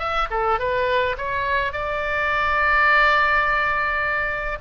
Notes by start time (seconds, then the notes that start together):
0.00 E5
0.31 A4
0.59 B4
1.18 C#5
1.73 D5